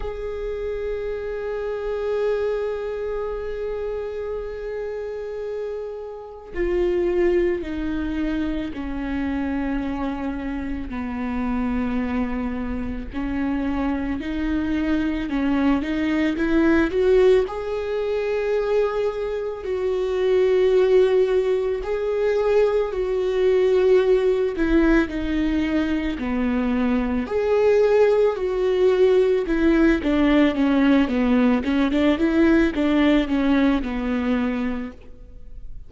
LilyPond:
\new Staff \with { instrumentName = "viola" } { \time 4/4 \tempo 4 = 55 gis'1~ | gis'2 f'4 dis'4 | cis'2 b2 | cis'4 dis'4 cis'8 dis'8 e'8 fis'8 |
gis'2 fis'2 | gis'4 fis'4. e'8 dis'4 | b4 gis'4 fis'4 e'8 d'8 | cis'8 b8 cis'16 d'16 e'8 d'8 cis'8 b4 | }